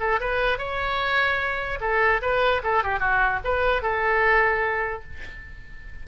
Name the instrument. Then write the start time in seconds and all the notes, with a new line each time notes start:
oboe
0.00 A4
0.20 B4
0.59 C#5
1.81 A4
2.22 B4
2.64 A4
2.84 G4
3.00 F#4
3.44 B4
3.83 A4